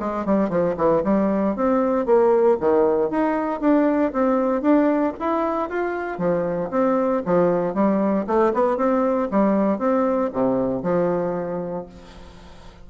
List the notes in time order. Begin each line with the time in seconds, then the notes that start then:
0.00 G#3
0.25 G3
0.49 F3
0.77 E3
1.04 G3
1.56 C4
2.06 A#3
2.60 D#3
3.10 D#4
3.61 D4
4.13 C4
4.62 D4
5.20 E4
5.69 F4
6.18 F3
6.71 C4
7.26 F3
7.74 G3
8.27 A3
8.54 B3
8.77 C4
9.31 G3
9.79 C4
10.33 C3
10.83 F3